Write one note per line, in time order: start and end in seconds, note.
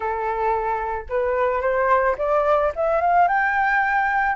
0.00 1.04 A4
1.09 1.61 B4
1.61 2.15 C5
2.17 2.72 D5
2.75 3.00 E5
3.00 3.28 F5
3.28 4.35 G5